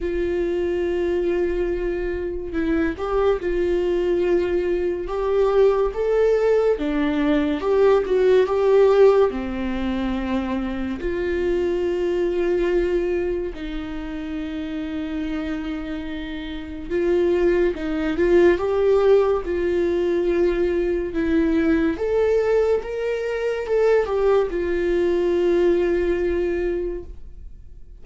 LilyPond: \new Staff \with { instrumentName = "viola" } { \time 4/4 \tempo 4 = 71 f'2. e'8 g'8 | f'2 g'4 a'4 | d'4 g'8 fis'8 g'4 c'4~ | c'4 f'2. |
dis'1 | f'4 dis'8 f'8 g'4 f'4~ | f'4 e'4 a'4 ais'4 | a'8 g'8 f'2. | }